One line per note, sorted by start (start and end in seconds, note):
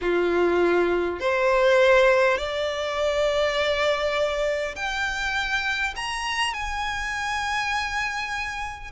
0.01 1.19 F4
1.19 2.37 C5
2.37 4.75 D5
4.75 5.94 G5
5.95 6.53 A#5
6.53 8.91 G#5